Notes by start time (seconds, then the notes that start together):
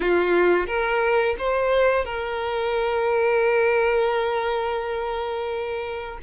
0.00 F4
0.66 A#4
1.38 C5
2.05 A#4